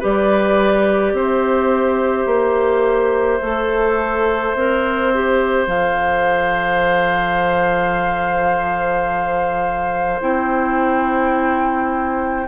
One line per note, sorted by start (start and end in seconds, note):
0.00 1.13 G3
0.00 3.41 G4
0.00 1.13 B4
0.00 1.16 D5
1.13 2.26 C4
1.13 12.48 C5
1.13 5.69 E5
2.26 3.40 A#3
3.42 4.55 A3
3.42 4.56 A4
4.55 5.67 C4
4.55 5.14 A#4
5.14 5.68 G4
5.67 10.20 F3
5.67 10.21 A4
5.67 10.22 F5
10.21 12.47 C4
10.21 12.47 E4
10.21 12.48 G5